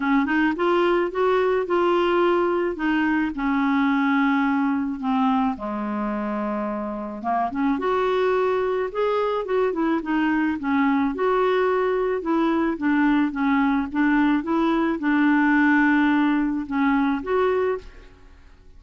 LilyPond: \new Staff \with { instrumentName = "clarinet" } { \time 4/4 \tempo 4 = 108 cis'8 dis'8 f'4 fis'4 f'4~ | f'4 dis'4 cis'2~ | cis'4 c'4 gis2~ | gis4 ais8 cis'8 fis'2 |
gis'4 fis'8 e'8 dis'4 cis'4 | fis'2 e'4 d'4 | cis'4 d'4 e'4 d'4~ | d'2 cis'4 fis'4 | }